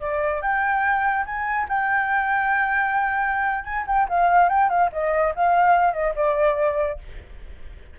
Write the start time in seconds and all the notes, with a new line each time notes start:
0.00 D5
0.42 G5
1.26 G#5
1.68 G5
3.64 G#5
3.87 G5
4.09 F5
4.49 G5
4.69 F5
4.92 D#5
5.35 F5
5.93 D#5
6.15 D5